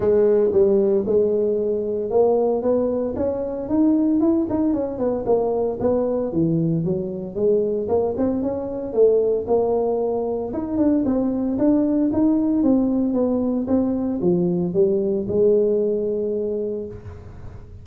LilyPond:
\new Staff \with { instrumentName = "tuba" } { \time 4/4 \tempo 4 = 114 gis4 g4 gis2 | ais4 b4 cis'4 dis'4 | e'8 dis'8 cis'8 b8 ais4 b4 | e4 fis4 gis4 ais8 c'8 |
cis'4 a4 ais2 | dis'8 d'8 c'4 d'4 dis'4 | c'4 b4 c'4 f4 | g4 gis2. | }